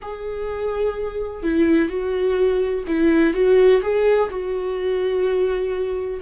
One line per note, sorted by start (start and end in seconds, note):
0.02 1.42 G#4
1.42 1.88 E4
1.88 2.84 F#4
2.87 3.33 E4
3.33 3.81 F#4
3.82 4.29 G#4
4.30 6.20 F#4